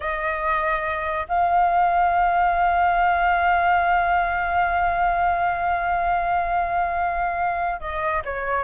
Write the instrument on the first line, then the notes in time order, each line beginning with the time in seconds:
flute
0.00 D#5
1.28 F5
7.80 D#5
8.24 C#5